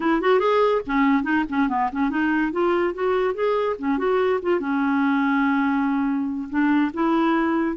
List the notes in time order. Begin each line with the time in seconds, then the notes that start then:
0.00 E4
0.21 F#4
0.39 G#4
0.86 C#4
1.23 D#4
1.49 C#4
1.69 B3
1.92 C#4
2.10 D#4
2.52 F4
2.94 F#4
3.34 G#4
3.79 C#4
3.97 F#4
4.42 F4
4.60 C#4
6.49 D4
6.93 E4